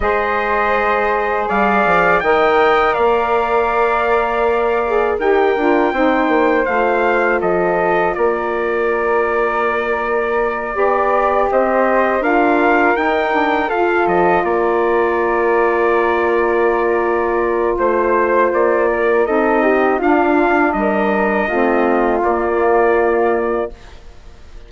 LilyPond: <<
  \new Staff \with { instrumentName = "trumpet" } { \time 4/4 \tempo 4 = 81 dis''2 f''4 g''4 | f''2. g''4~ | g''4 f''4 dis''4 d''4~ | d''2.~ d''8 dis''8~ |
dis''8 f''4 g''4 f''8 dis''8 d''8~ | d''1 | c''4 d''4 dis''4 f''4 | dis''2 d''2 | }
  \new Staff \with { instrumentName = "flute" } { \time 4/4 c''2 d''4 dis''4 | d''2. ais'4 | c''2 a'4 ais'4~ | ais'2~ ais'8 d''4 c''8~ |
c''8 ais'2 a'4 ais'8~ | ais'1 | c''4. ais'8 a'8 g'8 f'4 | ais'4 f'2. | }
  \new Staff \with { instrumentName = "saxophone" } { \time 4/4 gis'2. ais'4~ | ais'2~ ais'8 gis'8 g'8 f'8 | dis'4 f'2.~ | f'2~ f'8 g'4.~ |
g'8 f'4 dis'8 d'8 f'4.~ | f'1~ | f'2 dis'4 d'4~ | d'4 c'4 ais2 | }
  \new Staff \with { instrumentName = "bassoon" } { \time 4/4 gis2 g8 f8 dis4 | ais2. dis'8 d'8 | c'8 ais8 a4 f4 ais4~ | ais2~ ais8 b4 c'8~ |
c'8 d'4 dis'4 f'8 f8 ais8~ | ais1 | a4 ais4 c'4 d'4 | g4 a4 ais2 | }
>>